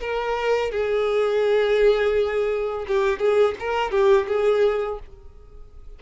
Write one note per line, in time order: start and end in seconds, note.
0.00 0.71 A#4
0.71 2.85 G#4
2.87 3.19 G4
3.19 3.55 G#4
3.59 3.91 A#4
3.91 4.26 G4
4.27 4.99 G#4